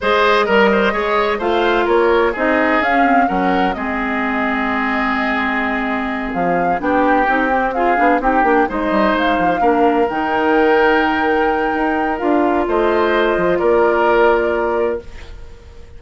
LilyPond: <<
  \new Staff \with { instrumentName = "flute" } { \time 4/4 \tempo 4 = 128 dis''2. f''4 | cis''4 dis''4 f''4 fis''4 | dis''1~ | dis''4. f''4 g''4.~ |
g''8 f''4 g''4 dis''4 f''8~ | f''4. g''2~ g''8~ | g''2 f''4 dis''4~ | dis''4 d''2. | }
  \new Staff \with { instrumentName = "oboe" } { \time 4/4 c''4 ais'8 c''8 cis''4 c''4 | ais'4 gis'2 ais'4 | gis'1~ | gis'2~ gis'8 g'4.~ |
g'8 gis'4 g'4 c''4.~ | c''8 ais'2.~ ais'8~ | ais'2. c''4~ | c''4 ais'2. | }
  \new Staff \with { instrumentName = "clarinet" } { \time 4/4 gis'4 ais'4 gis'4 f'4~ | f'4 dis'4 cis'8 c'8 cis'4 | c'1~ | c'2~ c'8 d'4 dis'8 |
c'8 f'8 d'8 dis'8 d'8 dis'4.~ | dis'8 d'4 dis'2~ dis'8~ | dis'2 f'2~ | f'1 | }
  \new Staff \with { instrumentName = "bassoon" } { \time 4/4 gis4 g4 gis4 a4 | ais4 c'4 cis'4 fis4 | gis1~ | gis4. f4 b4 c'8~ |
c'4 b8 c'8 ais8 gis8 g8 gis8 | f8 ais4 dis2~ dis8~ | dis4 dis'4 d'4 a4~ | a8 f8 ais2. | }
>>